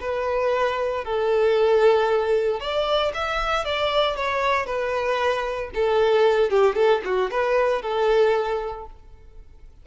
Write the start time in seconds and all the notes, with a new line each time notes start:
0.00 B4
1.04 A4
2.59 D5
3.14 E5
3.64 D5
4.15 C#5
4.66 B4
5.74 A4
6.49 G4
6.75 A4
7.04 F#4
7.30 B4
7.81 A4